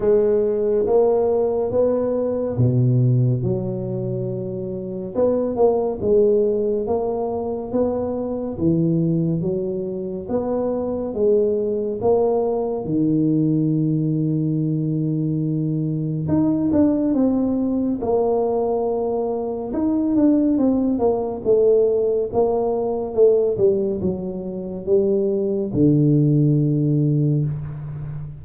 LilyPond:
\new Staff \with { instrumentName = "tuba" } { \time 4/4 \tempo 4 = 70 gis4 ais4 b4 b,4 | fis2 b8 ais8 gis4 | ais4 b4 e4 fis4 | b4 gis4 ais4 dis4~ |
dis2. dis'8 d'8 | c'4 ais2 dis'8 d'8 | c'8 ais8 a4 ais4 a8 g8 | fis4 g4 d2 | }